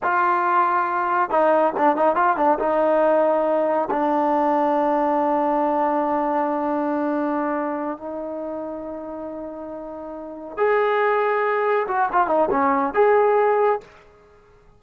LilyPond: \new Staff \with { instrumentName = "trombone" } { \time 4/4 \tempo 4 = 139 f'2. dis'4 | d'8 dis'8 f'8 d'8 dis'2~ | dis'4 d'2.~ | d'1~ |
d'2~ d'8 dis'4.~ | dis'1~ | dis'8 gis'2. fis'8 | f'8 dis'8 cis'4 gis'2 | }